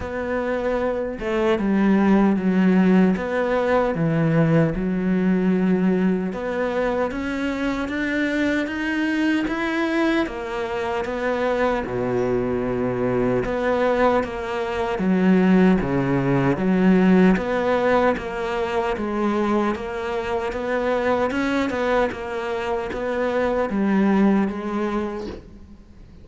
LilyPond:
\new Staff \with { instrumentName = "cello" } { \time 4/4 \tempo 4 = 76 b4. a8 g4 fis4 | b4 e4 fis2 | b4 cis'4 d'4 dis'4 | e'4 ais4 b4 b,4~ |
b,4 b4 ais4 fis4 | cis4 fis4 b4 ais4 | gis4 ais4 b4 cis'8 b8 | ais4 b4 g4 gis4 | }